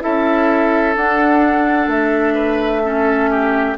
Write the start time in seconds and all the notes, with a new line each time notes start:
0.00 C#4 E4 A4 E5
0.96 D4 F#5
1.87 A3 E5
2.35 B4
2.83 C#4 A4
3.30 G4